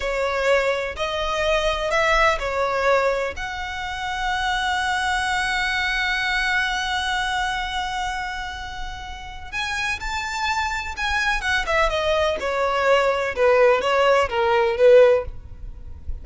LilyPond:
\new Staff \with { instrumentName = "violin" } { \time 4/4 \tempo 4 = 126 cis''2 dis''2 | e''4 cis''2 fis''4~ | fis''1~ | fis''1~ |
fis''1 | gis''4 a''2 gis''4 | fis''8 e''8 dis''4 cis''2 | b'4 cis''4 ais'4 b'4 | }